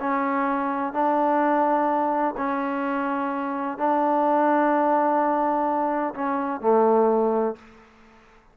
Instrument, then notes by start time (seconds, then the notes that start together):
trombone
0.00 C#4
0.93 D4
2.37 C#4
3.78 D4
6.14 C#4
6.61 A3